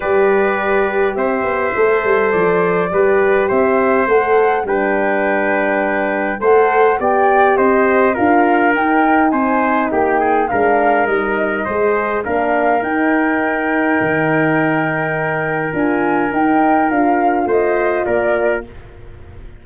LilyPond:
<<
  \new Staff \with { instrumentName = "flute" } { \time 4/4 \tempo 4 = 103 d''2 e''2 | d''2 e''4 fis''4 | g''2. fis''4 | g''4 dis''4 f''4 g''4 |
gis''4 g''4 f''4 dis''4~ | dis''4 f''4 g''2~ | g''2. gis''4 | g''4 f''4 dis''4 d''4 | }
  \new Staff \with { instrumentName = "trumpet" } { \time 4/4 b'2 c''2~ | c''4 b'4 c''2 | b'2. c''4 | d''4 c''4 ais'2 |
c''4 g'8 gis'8 ais'2 | c''4 ais'2.~ | ais'1~ | ais'2 c''4 ais'4 | }
  \new Staff \with { instrumentName = "horn" } { \time 4/4 g'2. a'4~ | a'4 g'2 a'4 | d'2. a'4 | g'2 f'4 dis'4~ |
dis'2 d'4 dis'4 | gis'4 d'4 dis'2~ | dis'2. f'4 | dis'4 f'2. | }
  \new Staff \with { instrumentName = "tuba" } { \time 4/4 g2 c'8 b8 a8 g8 | f4 g4 c'4 a4 | g2. a4 | b4 c'4 d'4 dis'4 |
c'4 ais4 gis4 g4 | gis4 ais4 dis'2 | dis2. d'4 | dis'4 d'4 a4 ais4 | }
>>